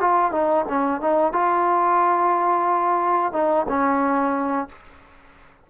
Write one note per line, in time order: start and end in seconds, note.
0.00 0.32 F4
0.32 0.65 D#4
0.68 1.01 C#4
1.01 1.32 D#4
1.32 3.32 F4
3.33 3.66 D#4
3.68 4.68 C#4